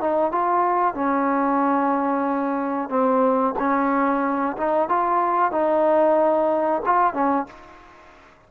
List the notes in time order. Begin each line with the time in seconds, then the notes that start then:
0.00 D#4
0.31 F4
0.94 C#4
2.89 C4
3.58 C#4
4.57 D#4
4.89 F4
5.51 D#4
6.85 F4
7.14 C#4